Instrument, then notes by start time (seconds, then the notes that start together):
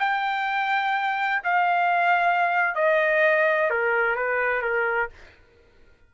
trumpet
0.00 G5
1.44 F5
2.75 D#5
3.71 A#4
4.16 B4
4.62 A#4